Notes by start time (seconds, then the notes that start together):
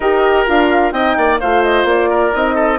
0.00 D#4 G4 A#4 D#5
0.46 D4 F4 F5
0.91 C4 D#4 D#5 G5
1.17 A#3 D5
1.40 A3 F4 C5 F5
1.63 D#5
1.84 A#3 D5
2.09 A#4
2.32 C4 D#4 D#5
2.54 A4